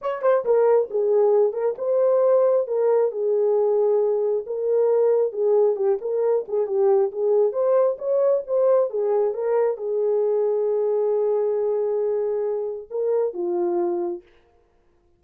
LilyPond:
\new Staff \with { instrumentName = "horn" } { \time 4/4 \tempo 4 = 135 cis''8 c''8 ais'4 gis'4. ais'8 | c''2 ais'4 gis'4~ | gis'2 ais'2 | gis'4 g'8 ais'4 gis'8 g'4 |
gis'4 c''4 cis''4 c''4 | gis'4 ais'4 gis'2~ | gis'1~ | gis'4 ais'4 f'2 | }